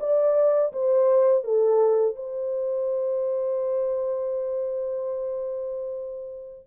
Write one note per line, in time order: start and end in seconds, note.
0.00 0.72 D5
0.73 1.44 C5
1.44 2.16 A4
2.16 6.66 C5